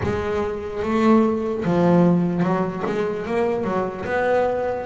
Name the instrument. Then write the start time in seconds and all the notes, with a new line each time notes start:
double bass
0.03 G#3
0.83 A3
1.64 F3
2.42 F#3
2.86 G#3
3.25 A#3
3.64 F#3
4.05 B3